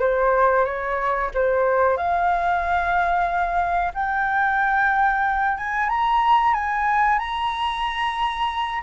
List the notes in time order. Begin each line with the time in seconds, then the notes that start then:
0.00 C5
0.65 C#5
1.34 C5
1.97 F5
3.94 G5
5.58 G#5
5.89 A#5
6.54 G#5
7.19 A#5